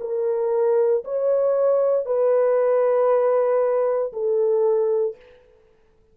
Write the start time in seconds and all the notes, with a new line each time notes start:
0.00 A#4
1.04 C#5
2.05 B4
4.12 A4